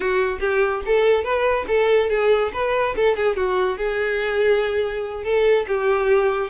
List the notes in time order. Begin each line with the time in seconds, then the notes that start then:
0.00 F#4
0.40 G4
0.85 A4
1.23 B4
1.67 A4
2.09 G#4
2.53 B4
2.95 A4
3.16 G#4
3.36 F#4
3.77 G#4
5.24 A4
5.67 G4